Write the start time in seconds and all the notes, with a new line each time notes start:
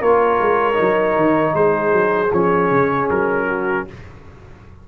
0.00 A#3 F4 A#4 C#5
0.40 G#3
0.73 D#4
0.80 F#3
1.16 D#3
1.54 G#3 G#4 C5
1.92 F#3
2.33 F3 C#4 C#5
2.70 C#3
3.10 F#3 A#4
3.47 F#4